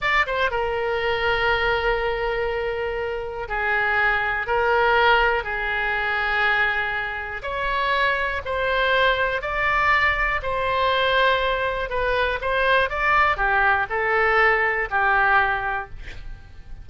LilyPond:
\new Staff \with { instrumentName = "oboe" } { \time 4/4 \tempo 4 = 121 d''8 c''8 ais'2.~ | ais'2. gis'4~ | gis'4 ais'2 gis'4~ | gis'2. cis''4~ |
cis''4 c''2 d''4~ | d''4 c''2. | b'4 c''4 d''4 g'4 | a'2 g'2 | }